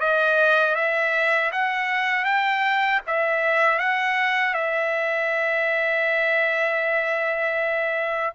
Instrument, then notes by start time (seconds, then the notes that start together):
trumpet
0.00 D#5
0.75 E5
1.52 F#5
2.25 G5
3.07 E5
3.79 F#5
4.54 E5